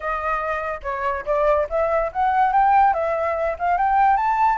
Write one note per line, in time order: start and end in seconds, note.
0.00 0.80 D#5
0.82 1.24 C#5
1.25 1.67 D5
1.69 2.11 E5
2.12 2.52 F#5
2.52 2.93 G5
2.93 3.56 E5
3.58 3.77 F5
3.77 4.17 G5
4.17 4.58 A5